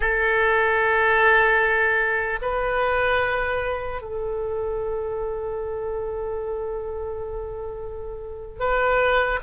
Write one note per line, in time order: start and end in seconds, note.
0.00 2.39 A4
2.41 4.01 B4
4.01 8.59 A4
8.59 9.39 B4